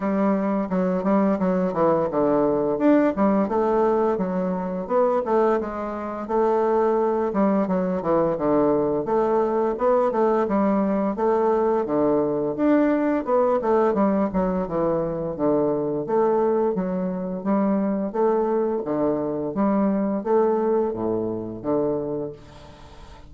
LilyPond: \new Staff \with { instrumentName = "bassoon" } { \time 4/4 \tempo 4 = 86 g4 fis8 g8 fis8 e8 d4 | d'8 g8 a4 fis4 b8 a8 | gis4 a4. g8 fis8 e8 | d4 a4 b8 a8 g4 |
a4 d4 d'4 b8 a8 | g8 fis8 e4 d4 a4 | fis4 g4 a4 d4 | g4 a4 a,4 d4 | }